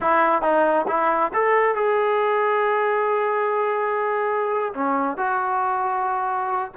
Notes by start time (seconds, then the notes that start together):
0.01 E4
0.42 D#4
0.87 E4
1.33 A4
1.75 G#4
4.74 C#4
5.17 F#4